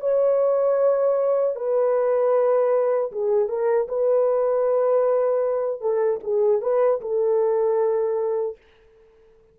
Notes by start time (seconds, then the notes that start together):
0.00 C#5
1.55 B4
3.12 G#4
3.49 A#4
3.88 B4
5.81 A4
6.23 G#4
6.61 B4
7.01 A4